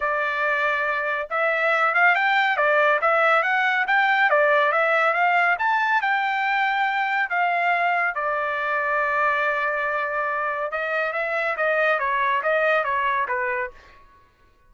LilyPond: \new Staff \with { instrumentName = "trumpet" } { \time 4/4 \tempo 4 = 140 d''2. e''4~ | e''8 f''8 g''4 d''4 e''4 | fis''4 g''4 d''4 e''4 | f''4 a''4 g''2~ |
g''4 f''2 d''4~ | d''1~ | d''4 dis''4 e''4 dis''4 | cis''4 dis''4 cis''4 b'4 | }